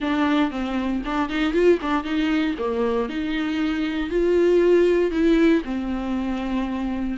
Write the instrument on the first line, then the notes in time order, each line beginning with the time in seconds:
viola
0.00 D4
0.50 C4
1.05 D4
1.29 D#4
1.53 F4
1.81 D4
2.03 D#4
2.58 A#3
3.09 D#4
4.09 F4
5.11 E4
5.64 C4